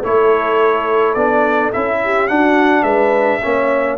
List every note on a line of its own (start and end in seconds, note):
0.00 1.15 A3
0.00 1.17 E4
0.00 1.98 A4
0.00 1.14 C#5
1.14 1.72 B3
1.14 1.73 D4
1.14 1.70 D5
1.72 2.29 C#4
1.72 2.28 E4
1.72 2.28 E5
2.04 2.31 G4
2.28 3.41 D4
2.28 2.83 D4
2.28 2.83 F#4
2.28 2.83 F#5
2.83 3.40 G#3
2.83 3.39 B4
2.83 3.96 E5
3.42 3.97 A#3
3.42 3.97 C#4
3.42 3.97 C#5